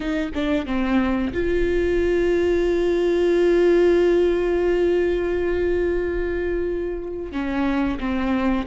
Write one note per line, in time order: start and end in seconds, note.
0.00 0.30 D#4
0.34 0.65 D4
0.65 1.32 C4
1.33 7.32 F4
7.32 7.98 C#4
7.99 8.66 C4